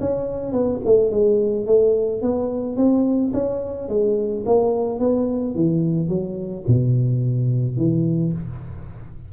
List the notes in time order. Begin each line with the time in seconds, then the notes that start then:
0.00 C#4
0.52 B3
0.85 A3
1.11 G#3
1.66 A3
2.22 B3
2.77 C4
3.33 C#4
3.89 G#3
4.46 A#3
4.99 B3
5.55 E3
6.09 F#3
6.67 B2
7.77 E3